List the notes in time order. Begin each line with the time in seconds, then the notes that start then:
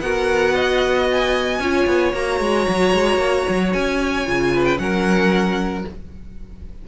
0.00 B3 F#4 A#4 F#5
0.54 D#5
1.11 G#5
1.59 C#4 F4 C#5
1.86 B3
2.13 A#3 F#4 A#5
2.39 G#3
2.68 F#3
2.93 G#3
3.16 A#3
3.48 F#3
3.72 C#4 G#5
4.25 C#3 F4
4.54 B4
4.64 G5
4.77 F#3 C#4 A#4 F#5